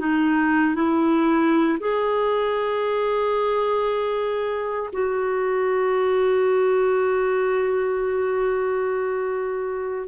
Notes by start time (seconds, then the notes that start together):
0.00 D#4
0.75 E4
1.80 G#4
4.93 F#4